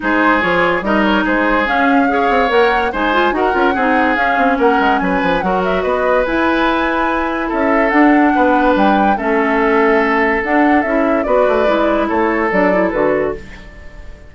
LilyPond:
<<
  \new Staff \with { instrumentName = "flute" } { \time 4/4 \tempo 4 = 144 c''4 cis''4 dis''8 cis''8 c''4 | f''2 fis''4 gis''4 | fis''2 f''4 fis''4 | gis''4 fis''8 e''8 dis''4 gis''4~ |
gis''2 e''4 fis''4~ | fis''4 g''4 e''2~ | e''4 fis''4 e''4 d''4~ | d''4 cis''4 d''4 b'4 | }
  \new Staff \with { instrumentName = "oboe" } { \time 4/4 gis'2 ais'4 gis'4~ | gis'4 cis''2 c''4 | ais'4 gis'2 ais'4 | b'4 ais'4 b'2~ |
b'2 a'2 | b'2 a'2~ | a'2. b'4~ | b'4 a'2. | }
  \new Staff \with { instrumentName = "clarinet" } { \time 4/4 dis'4 f'4 dis'2 | cis'4 gis'4 ais'4 dis'8 f'8 | fis'8 f'8 dis'4 cis'2~ | cis'4 fis'2 e'4~ |
e'2. d'4~ | d'2 cis'2~ | cis'4 d'4 e'4 fis'4 | e'2 d'8 e'8 fis'4 | }
  \new Staff \with { instrumentName = "bassoon" } { \time 4/4 gis4 f4 g4 gis4 | cis'4. c'8 ais4 gis4 | dis'8 cis'8 c'4 cis'8 c'8 ais8 gis8 | fis8 f8 fis4 b4 e'4~ |
e'2 cis'4 d'4 | b4 g4 a2~ | a4 d'4 cis'4 b8 a8 | gis4 a4 fis4 d4 | }
>>